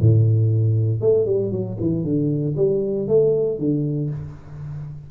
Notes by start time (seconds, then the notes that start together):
0.00 A2
1.00 A3
1.26 G3
1.51 F#3
1.80 E3
2.04 D3
2.56 G3
3.08 A3
3.58 D3